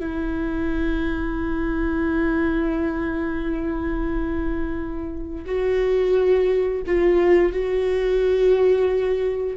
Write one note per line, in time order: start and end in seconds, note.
0.00 5.45 E4
5.46 6.83 F#4
6.87 7.53 F4
7.53 9.58 F#4